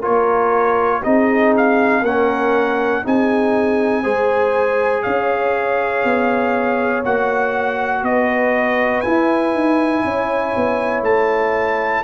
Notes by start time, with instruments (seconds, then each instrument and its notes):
0.00 trombone F4, horn A#4, trumpet C#5
0.06 tuba A#3
1.04 tuba C4, trombone D#4, horn G#4, trumpet D#5
1.58 trumpet F5
2.02 tuba A#3, trombone C#4, horn A#4, trumpet F#5
3.04 tuba C4, trombone D#4, horn G#4, trumpet G#5
4.03 tuba G#3, trombone G#4, horn C5
5.03 tuba C#4, horn C#5, trumpet F5
6.04 tuba B3
7.05 tuba A#3, trombone F#4, trumpet F#5
8.03 tuba B3, horn B4, trumpet D#5
9.01 trombone E4, tuba E4, trumpet G#5
9.54 tuba D#4
10.05 tuba C#4, horn C#5
10.56 tuba B3
11.02 tuba A3, trumpet A5